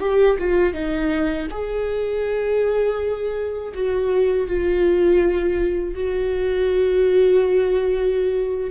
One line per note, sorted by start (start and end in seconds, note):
0.00 0.37 G4
0.39 0.73 F4
0.73 1.47 D#4
1.51 3.73 G#4
3.74 4.47 F#4
4.47 5.95 F4
5.95 8.71 F#4